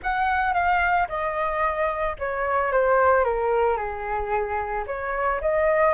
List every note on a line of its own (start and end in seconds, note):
0.02 0.53 F#5
0.53 1.07 F5
1.08 2.16 D#5
2.18 2.72 C#5
2.72 3.24 C5
3.24 3.76 A#4
3.76 4.85 G#4
4.86 5.41 C#5
5.41 5.94 D#5